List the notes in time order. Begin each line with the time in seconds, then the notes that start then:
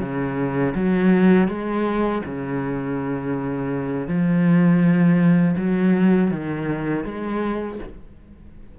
0.00 C#3
0.75 F#3
1.48 G#3
2.25 C#3
4.08 F3
5.57 F#3
6.31 D#3
7.05 G#3